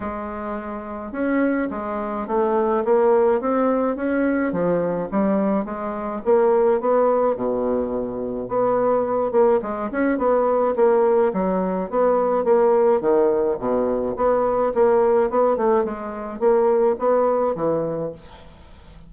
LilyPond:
\new Staff \with { instrumentName = "bassoon" } { \time 4/4 \tempo 4 = 106 gis2 cis'4 gis4 | a4 ais4 c'4 cis'4 | f4 g4 gis4 ais4 | b4 b,2 b4~ |
b8 ais8 gis8 cis'8 b4 ais4 | fis4 b4 ais4 dis4 | b,4 b4 ais4 b8 a8 | gis4 ais4 b4 e4 | }